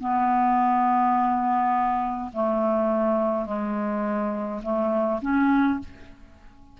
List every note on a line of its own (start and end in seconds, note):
0.00 2.31 B3
2.33 3.46 A3
3.46 4.61 G#3
4.62 5.20 A3
5.21 5.79 C#4